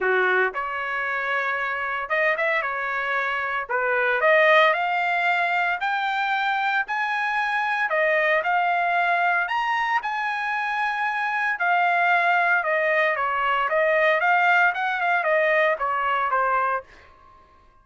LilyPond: \new Staff \with { instrumentName = "trumpet" } { \time 4/4 \tempo 4 = 114 fis'4 cis''2. | dis''8 e''8 cis''2 b'4 | dis''4 f''2 g''4~ | g''4 gis''2 dis''4 |
f''2 ais''4 gis''4~ | gis''2 f''2 | dis''4 cis''4 dis''4 f''4 | fis''8 f''8 dis''4 cis''4 c''4 | }